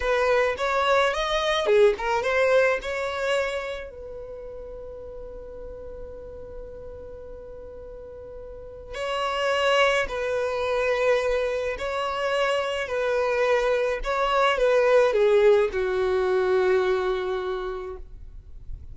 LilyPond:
\new Staff \with { instrumentName = "violin" } { \time 4/4 \tempo 4 = 107 b'4 cis''4 dis''4 gis'8 ais'8 | c''4 cis''2 b'4~ | b'1~ | b'1 |
cis''2 b'2~ | b'4 cis''2 b'4~ | b'4 cis''4 b'4 gis'4 | fis'1 | }